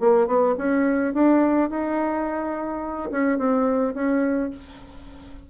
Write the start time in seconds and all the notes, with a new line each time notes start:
0.00 A#3
0.27 B3
0.58 C#4
1.14 D4
1.70 D#4
3.12 C#4
3.38 C4
3.95 C#4